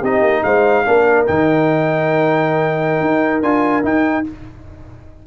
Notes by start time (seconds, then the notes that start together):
0.00 C4 D#4 G4 D#5
0.21 A#3
0.43 G#3 C5 F5
0.85 A#3 D4 A#4
1.26 D#3 D#4 G5
3.00 D#4
3.42 D4 F4 G#5
3.82 D#4 G5